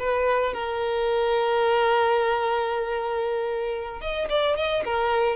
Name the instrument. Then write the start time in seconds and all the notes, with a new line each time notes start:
violin
0.00 B4
0.54 A#4
4.01 D#5
4.30 D5
4.57 D#5
4.85 A#4